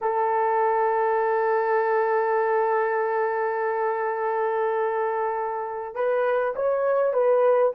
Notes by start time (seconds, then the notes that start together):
0.01 A4
5.95 B4
6.55 C#5
7.13 B4